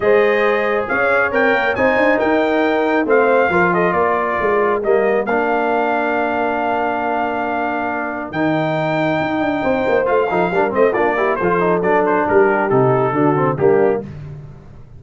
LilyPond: <<
  \new Staff \with { instrumentName = "trumpet" } { \time 4/4 \tempo 4 = 137 dis''2 f''4 g''4 | gis''4 g''2 f''4~ | f''8 dis''8 d''2 dis''4 | f''1~ |
f''2. g''4~ | g''2. f''4~ | f''8 dis''8 d''4 c''4 d''8 c''8 | ais'4 a'2 g'4 | }
  \new Staff \with { instrumentName = "horn" } { \time 4/4 c''2 cis''2 | c''4 ais'2 c''4 | ais'8 a'8 ais'2.~ | ais'1~ |
ais'1~ | ais'2 c''4. a'8 | ais'8 c''8 f'8 g'8 a'2 | g'2 fis'4 d'4 | }
  \new Staff \with { instrumentName = "trombone" } { \time 4/4 gis'2. ais'4 | dis'2. c'4 | f'2. ais4 | d'1~ |
d'2. dis'4~ | dis'2. f'8 dis'8 | d'8 c'8 d'8 e'8 f'8 dis'8 d'4~ | d'4 dis'4 d'8 c'8 ais4 | }
  \new Staff \with { instrumentName = "tuba" } { \time 4/4 gis2 cis'4 c'8 ais8 | c'8 d'8 dis'2 a4 | f4 ais4 gis4 g4 | ais1~ |
ais2. dis4~ | dis4 dis'8 d'8 c'8 ais8 a8 f8 | g8 a8 ais4 f4 fis4 | g4 c4 d4 g4 | }
>>